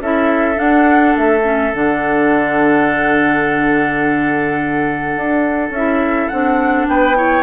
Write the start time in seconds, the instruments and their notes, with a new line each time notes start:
0.00 bassoon C#4, clarinet E4, oboe A4, flute E5
0.55 clarinet D4, bassoon D4, flute F#5
1.16 bassoon A3, flute E5
1.43 clarinet C#4
1.73 bassoon D3, clarinet D4, flute F#5
5.16 bassoon D4
5.70 bassoon C#4, flute E5
5.76 clarinet E4
6.28 bassoon C4, clarinet D4, flute F#5
6.87 bassoon B3, oboe B4, flute G5
7.15 clarinet E4, oboe C#5